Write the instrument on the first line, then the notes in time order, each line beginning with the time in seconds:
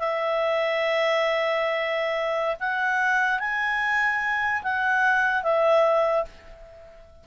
clarinet
0.00 E5
2.60 F#5
3.40 G#5
4.63 F#5
5.43 E5